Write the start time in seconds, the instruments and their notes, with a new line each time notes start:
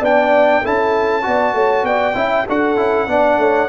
0.00 tuba B3, trombone D4, horn D5, trumpet G5
0.62 tuba C#4, trombone E4, horn A4, trumpet A5
1.22 tuba B3, trombone F#4, horn D5
1.53 tuba A3, horn C#5
1.83 tuba B3, horn D5, trumpet G5
2.14 tuba C#4, trombone E4, horn E5
2.47 tuba D4, trombone F#4, horn A4, trumpet F#5
2.76 tuba C#4, trombone E4
3.07 tuba B3, trombone D4, horn D5
3.37 tuba A3, horn C#5